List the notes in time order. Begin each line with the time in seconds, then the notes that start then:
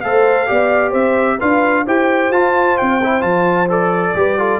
0.00 A3 A4 C5 F5
0.46 B3 G4 D5
0.90 C4 C5 E5
1.38 D4 F4 B4 F5
1.85 E4 G4 C5 G5
2.30 F4 A5
2.77 C4 G5
3.03 E4
3.20 F3 F4 A5
3.69 A4 D5
4.14 G3 G4 B4
4.38 F4 A4